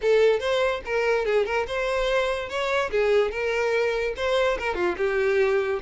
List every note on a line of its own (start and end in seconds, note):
0.01 0.39 A4
0.39 0.81 C5
0.85 1.25 A#4
1.25 1.45 G#4
1.45 1.66 A#4
1.67 2.49 C5
2.49 2.90 C#5
2.90 3.31 G#4
3.31 4.13 A#4
4.16 4.57 C5
4.58 4.75 A#4
4.75 4.95 F4
4.97 5.80 G4